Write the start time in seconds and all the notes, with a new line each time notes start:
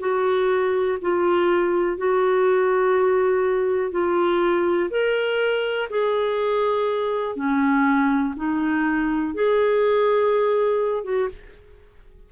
0.00 F#4
1.01 F4
1.98 F#4
3.92 F4
4.90 A#4
5.90 G#4
7.36 C#4
8.37 D#4
9.34 G#4
11.04 F#4